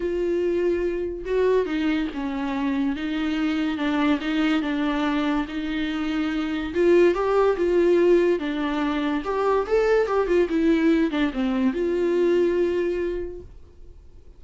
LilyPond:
\new Staff \with { instrumentName = "viola" } { \time 4/4 \tempo 4 = 143 f'2. fis'4 | dis'4 cis'2 dis'4~ | dis'4 d'4 dis'4 d'4~ | d'4 dis'2. |
f'4 g'4 f'2 | d'2 g'4 a'4 | g'8 f'8 e'4. d'8 c'4 | f'1 | }